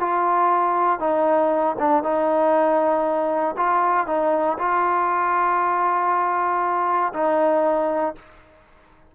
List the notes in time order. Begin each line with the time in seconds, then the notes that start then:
0.00 F4
1.00 D#4
1.79 D4
2.03 D#4
3.57 F4
4.07 D#4
4.59 F4
7.14 D#4